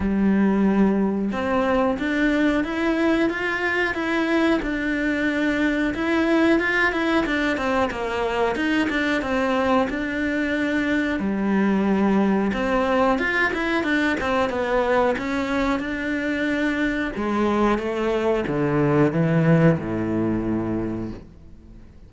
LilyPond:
\new Staff \with { instrumentName = "cello" } { \time 4/4 \tempo 4 = 91 g2 c'4 d'4 | e'4 f'4 e'4 d'4~ | d'4 e'4 f'8 e'8 d'8 c'8 | ais4 dis'8 d'8 c'4 d'4~ |
d'4 g2 c'4 | f'8 e'8 d'8 c'8 b4 cis'4 | d'2 gis4 a4 | d4 e4 a,2 | }